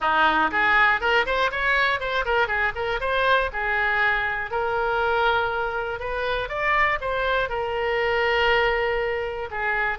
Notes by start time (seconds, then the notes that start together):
0.00 D#4
0.51 G#4
1.00 A#4
1.25 C5
1.51 C#5
2.00 C5
2.25 A#4
2.47 G#4
2.75 A#4
3.00 C5
3.52 G#4
4.50 A#4
5.99 B4
6.48 D5
7.00 C5
7.49 A#4
9.50 G#4